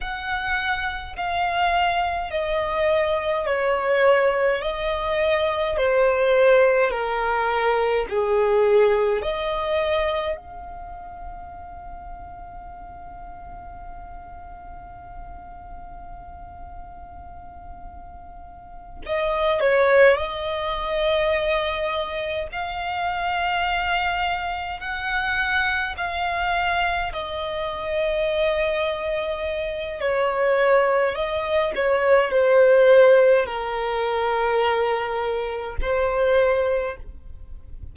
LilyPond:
\new Staff \with { instrumentName = "violin" } { \time 4/4 \tempo 4 = 52 fis''4 f''4 dis''4 cis''4 | dis''4 c''4 ais'4 gis'4 | dis''4 f''2.~ | f''1~ |
f''8 dis''8 cis''8 dis''2 f''8~ | f''4. fis''4 f''4 dis''8~ | dis''2 cis''4 dis''8 cis''8 | c''4 ais'2 c''4 | }